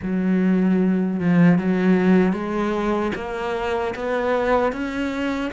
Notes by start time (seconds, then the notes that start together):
0.02 F#3
1.19 F3
1.58 F#3
2.33 G#3
3.15 A#3
3.95 B3
4.72 C#4